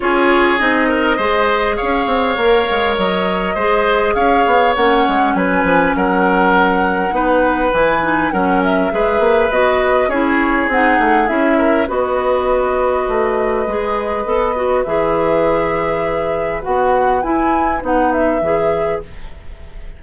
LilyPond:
<<
  \new Staff \with { instrumentName = "flute" } { \time 4/4 \tempo 4 = 101 cis''4 dis''2 f''4~ | f''4 dis''2 f''4 | fis''4 gis''4 fis''2~ | fis''4 gis''4 fis''8 e''4. |
dis''4 cis''4 fis''4 e''4 | dis''1~ | dis''4 e''2. | fis''4 gis''4 fis''8 e''4. | }
  \new Staff \with { instrumentName = "oboe" } { \time 4/4 gis'4. ais'8 c''4 cis''4~ | cis''2 c''4 cis''4~ | cis''4 b'4 ais'2 | b'2 ais'4 b'4~ |
b'4 gis'2~ gis'8 ais'8 | b'1~ | b'1~ | b'1 | }
  \new Staff \with { instrumentName = "clarinet" } { \time 4/4 f'4 dis'4 gis'2 | ais'2 gis'2 | cis'1 | dis'4 e'8 dis'8 cis'4 gis'4 |
fis'4 e'4 dis'4 e'4 | fis'2. gis'4 | a'8 fis'8 gis'2. | fis'4 e'4 dis'4 gis'4 | }
  \new Staff \with { instrumentName = "bassoon" } { \time 4/4 cis'4 c'4 gis4 cis'8 c'8 | ais8 gis8 fis4 gis4 cis'8 b8 | ais8 gis8 fis8 f8 fis2 | b4 e4 fis4 gis8 ais8 |
b4 cis'4 c'8 a8 cis'4 | b2 a4 gis4 | b4 e2. | b4 e'4 b4 e4 | }
>>